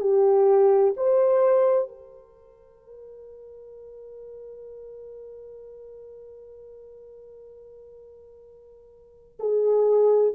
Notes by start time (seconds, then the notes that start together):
0.00 G4
0.96 C5
1.88 A#4
9.39 G#4